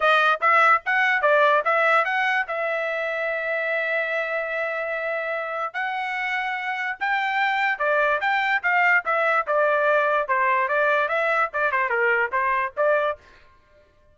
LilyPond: \new Staff \with { instrumentName = "trumpet" } { \time 4/4 \tempo 4 = 146 dis''4 e''4 fis''4 d''4 | e''4 fis''4 e''2~ | e''1~ | e''2 fis''2~ |
fis''4 g''2 d''4 | g''4 f''4 e''4 d''4~ | d''4 c''4 d''4 e''4 | d''8 c''8 ais'4 c''4 d''4 | }